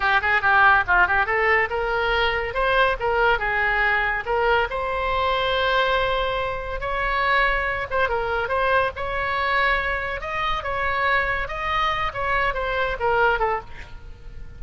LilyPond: \new Staff \with { instrumentName = "oboe" } { \time 4/4 \tempo 4 = 141 g'8 gis'8 g'4 f'8 g'8 a'4 | ais'2 c''4 ais'4 | gis'2 ais'4 c''4~ | c''1 |
cis''2~ cis''8 c''8 ais'4 | c''4 cis''2. | dis''4 cis''2 dis''4~ | dis''8 cis''4 c''4 ais'4 a'8 | }